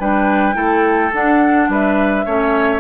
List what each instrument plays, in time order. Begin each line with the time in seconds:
0.00 bassoon G3, clarinet D4, oboe B4, flute G5
0.54 bassoon A3, clarinet E4, oboe A4
1.14 bassoon D4, clarinet D4, flute F#5
1.69 bassoon G3, oboe B4, flute E5
2.26 bassoon A3, clarinet C#4, oboe C#5